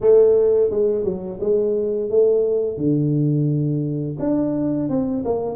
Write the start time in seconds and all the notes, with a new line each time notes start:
0.00 A3
0.70 G#3
1.04 F#3
1.40 G#3
2.10 A3
2.77 D3
4.19 D4
4.89 C4
5.25 A#3